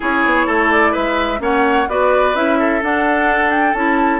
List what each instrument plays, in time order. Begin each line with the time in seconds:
0.00 bassoon C#4, clarinet E4, oboe G#4, flute C#5
0.25 bassoon B3
0.46 bassoon A3, oboe A4
0.71 flute D5
0.92 bassoon G#3, oboe B4, flute E5
1.39 bassoon A#3, clarinet C#4, oboe C#5, flute F#5
1.88 bassoon B3, clarinet F#4, oboe B4, flute D5
2.34 bassoon C#4, clarinet E4, flute E5
2.59 oboe A4
2.82 clarinet D4, bassoon D4, flute F#5
3.50 flute G5
3.73 bassoon C#4, clarinet E4, flute A5